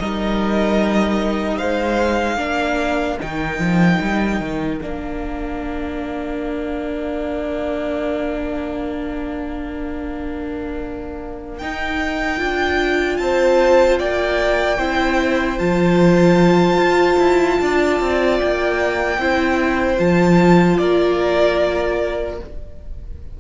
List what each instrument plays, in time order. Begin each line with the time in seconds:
0.00 cello G3, viola D#4, violin A#4 D#5
1.58 cello G#3, violin C5 F5
2.37 cello A#3, viola D4, violin A#4
3.20 cello D#3, viola D#4, violin G5
3.59 cello F3
4.02 cello G3
4.41 cello D#3
4.79 cello A#3, viola D4, violin F5
11.58 viola D#4, cello D#4, violin G5
12.38 cello D4, viola F4
13.17 cello C4, violin C5 A5
14.00 cello A#3, violin D5 G5
14.79 cello C4, viola E4, violin C5
15.59 cello F3, viola F4, violin A5
16.77 cello F4
17.19 cello E4
17.61 cello D4, violin D5
18.01 cello C4
18.40 cello A#3, violin G5
19.19 cello C4, viola E4, violin C5
19.98 cello F3, viola F4, violin A5
20.78 cello A#3, violin A#4 D5